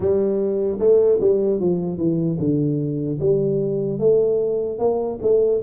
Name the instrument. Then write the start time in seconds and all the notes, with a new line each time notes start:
tuba
0.00 G3
0.79 A3
1.20 G3
1.60 F3
1.97 E3
2.39 D3
3.20 G3
3.99 A3
4.78 A#3
5.22 A3